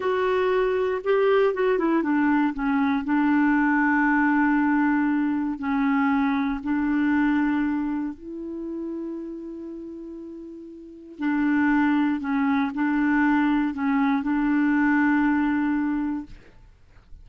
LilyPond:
\new Staff \with { instrumentName = "clarinet" } { \time 4/4 \tempo 4 = 118 fis'2 g'4 fis'8 e'8 | d'4 cis'4 d'2~ | d'2. cis'4~ | cis'4 d'2. |
e'1~ | e'2 d'2 | cis'4 d'2 cis'4 | d'1 | }